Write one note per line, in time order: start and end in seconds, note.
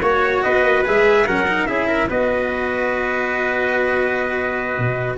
0.00 0.43 A#3
0.00 0.85 F#4
0.00 0.41 C#5
0.00 0.43 C#5
0.43 0.63 B3
0.43 1.26 B4
0.43 0.84 D#5
0.63 0.84 A#3
0.85 1.26 G#3
0.85 1.26 G#4
0.85 1.27 E5
1.26 1.68 F#3
1.26 1.47 C#4
1.26 1.68 A#4
1.26 1.66 F#5
1.47 1.68 D#4
1.66 2.09 C#4
1.66 2.09 E4
1.66 1.87 G#4
1.66 2.08 E5
1.87 2.08 A#4
2.09 4.78 B3
2.09 5.18 F#4
2.09 5.18 B4
2.09 5.18 D#5
4.78 5.18 B2